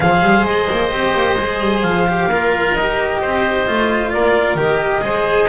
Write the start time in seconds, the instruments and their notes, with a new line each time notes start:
0.00 double bass F3, cello G#4, oboe C5, clarinet F5
0.21 double bass G3
0.44 double bass G#3, clarinet D#5
0.70 double bass A#3
0.91 double bass C4, cello G4
1.13 double bass A#3
1.37 double bass G#3, cello G#4
1.60 double bass G3
1.82 double bass F3, clarinet F5
2.07 cello G4
2.26 double bass A#3, cello F4, oboe A#4
2.71 double bass D#4, clarinet D#5
2.78 cello G4
3.21 double bass C4, oboe C5
3.67 double bass A3, cello F4
4.11 double bass A#3, oboe A#4, clarinet D5
4.55 double bass D#3, cello G4
4.61 clarinet D#5
5.01 double bass G#3, cello G#4, oboe C5